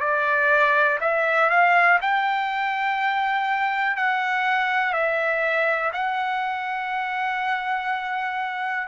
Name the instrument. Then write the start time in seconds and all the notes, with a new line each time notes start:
trumpet
0.00 D5
1.01 E5
1.49 F5
2.01 G5
3.97 F#5
4.93 E5
5.93 F#5